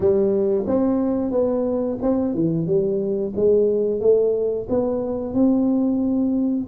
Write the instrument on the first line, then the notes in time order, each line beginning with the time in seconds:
tuba
0.00 G3
0.67 C4
1.31 B3
2.02 C4
2.34 E3
2.66 G3
3.36 G#3
4.00 A3
4.68 B3
5.34 C4